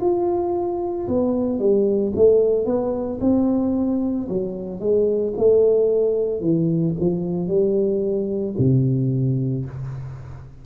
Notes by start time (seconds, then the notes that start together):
0.00 F4
1.08 B3
1.59 G3
2.15 A3
2.65 B3
3.20 C4
4.29 F#3
4.80 G#3
5.37 A3
6.40 E3
6.99 F3
7.48 G3
8.58 C3